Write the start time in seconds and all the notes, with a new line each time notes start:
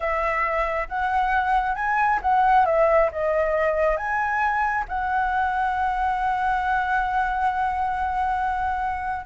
0.00 E5
0.88 F#5
1.75 G#5
2.22 F#5
2.65 E5
3.12 D#5
3.96 G#5
4.88 F#5